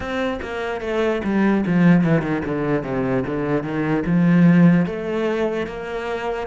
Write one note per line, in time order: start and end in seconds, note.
0.00 0.39 C4
0.42 0.81 A#3
0.81 1.21 A3
1.24 1.64 G3
1.66 2.04 F3
2.04 2.21 E3
2.21 2.42 D#3
2.45 2.83 D3
2.83 3.24 C3
3.26 3.63 D3
3.63 4.03 D#3
4.05 4.85 F3
4.85 5.66 A3
5.66 6.46 A#3